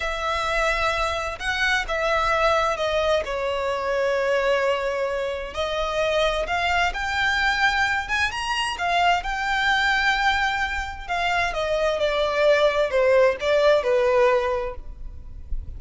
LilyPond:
\new Staff \with { instrumentName = "violin" } { \time 4/4 \tempo 4 = 130 e''2. fis''4 | e''2 dis''4 cis''4~ | cis''1 | dis''2 f''4 g''4~ |
g''4. gis''8 ais''4 f''4 | g''1 | f''4 dis''4 d''2 | c''4 d''4 b'2 | }